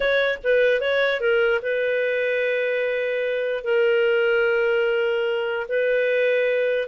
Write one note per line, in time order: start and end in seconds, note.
0.00 0.38 C#5
0.43 0.80 B4
0.80 1.20 C#5
1.20 1.60 A#4
1.62 3.64 B4
3.64 5.66 A#4
5.68 6.88 B4